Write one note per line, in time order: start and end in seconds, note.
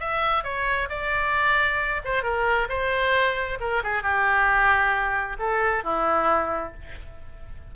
0.00 0.44 E5
0.44 0.89 C#5
0.90 2.02 D5
2.05 2.23 C5
2.23 2.68 A#4
2.69 3.59 C5
3.60 3.83 A#4
3.83 4.03 G#4
4.03 5.37 G4
5.39 5.84 A4
5.84 6.74 E4